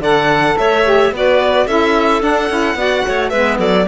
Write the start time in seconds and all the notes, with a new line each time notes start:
0.00 D3 A4 D5 F#5
0.58 A3 C#5 E5
0.84 G4
1.11 B3 F#4 B4 D5
1.66 C#4 E4 A4 E5
2.20 D4 F#5
2.49 C#4 E4
2.75 B3 F#4 D5
3.07 A3 C#5
3.29 G#3 B3 B4 E5
3.58 F#3 A4 D5